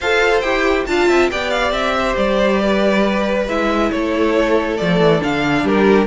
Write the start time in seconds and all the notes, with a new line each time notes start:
0.00 F4 A4 C5 F5
0.40 E4 G4 G5
0.86 D4 F4 F5 A5
1.08 C4 E5
1.30 B3 G4 D5 G5
1.50 F5
1.71 C4 E5
1.99 C5
2.16 G3 D5
2.61 B4
3.47 G#3 E4 E5
3.91 A3 A4 C#5
4.77 F3 A3 D5
5.00 E3
5.19 D3 D4 F5
5.63 G3 G4 A#4